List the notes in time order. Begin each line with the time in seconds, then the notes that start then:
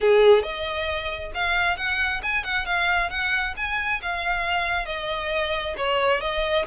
0.00 G#4
0.42 D#5
1.34 F5
1.76 F#5
2.22 G#5
2.44 F#5
2.65 F5
3.09 F#5
3.56 G#5
4.02 F5
4.85 D#5
5.77 C#5
6.20 D#5